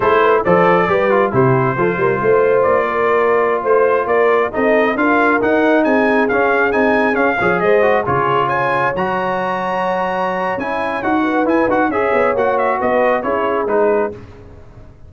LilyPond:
<<
  \new Staff \with { instrumentName = "trumpet" } { \time 4/4 \tempo 4 = 136 c''4 d''2 c''4~ | c''2 d''2~ | d''16 c''4 d''4 dis''4 f''8.~ | f''16 fis''4 gis''4 f''4 gis''8.~ |
gis''16 f''4 dis''4 cis''4 gis''8.~ | gis''16 ais''2.~ ais''8. | gis''4 fis''4 gis''8 fis''8 e''4 | fis''8 e''8 dis''4 cis''4 b'4 | }
  \new Staff \with { instrumentName = "horn" } { \time 4/4 a'8 b'8 c''4 b'4 g'4 | a'8 ais'8 c''4. ais'4.~ | ais'16 c''4 ais'4 a'4 ais'8.~ | ais'4~ ais'16 gis'2~ gis'8.~ |
gis'8. cis''8 c''4 gis'4 cis''8.~ | cis''1~ | cis''4. b'4. cis''4~ | cis''4 b'4 gis'2 | }
  \new Staff \with { instrumentName = "trombone" } { \time 4/4 e'4 a'4 g'8 f'8 e'4 | f'1~ | f'2~ f'16 dis'4 f'8.~ | f'16 dis'2 cis'4 dis'8.~ |
dis'16 cis'8 gis'4 fis'8 f'4.~ f'16~ | f'16 fis'2.~ fis'8. | e'4 fis'4 e'8 fis'8 gis'4 | fis'2 e'4 dis'4 | }
  \new Staff \with { instrumentName = "tuba" } { \time 4/4 a4 f4 g4 c4 | f8 g8 a4 ais2~ | ais16 a4 ais4 c'4 d'8.~ | d'16 dis'4 c'4 cis'4 c'8.~ |
c'16 cis'8 f8 gis4 cis4.~ cis16~ | cis16 fis2.~ fis8. | cis'4 dis'4 e'8 dis'8 cis'8 b8 | ais4 b4 cis'4 gis4 | }
>>